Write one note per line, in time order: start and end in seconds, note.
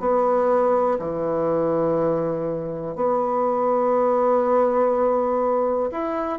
0.00 0.98 B3
0.99 2.96 E3
2.96 5.91 B3
5.92 6.39 E4